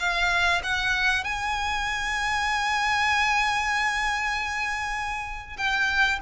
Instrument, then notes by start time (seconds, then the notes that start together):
violin
0.00 F5
0.64 F#5
1.24 G#5
5.58 G5